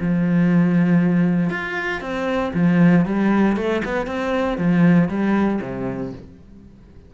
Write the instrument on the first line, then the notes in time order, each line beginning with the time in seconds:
cello
0.00 F3
1.50 F4
2.01 C4
2.54 F3
3.05 G3
3.56 A3
3.84 B3
4.07 C4
4.58 F3
5.08 G3
5.61 C3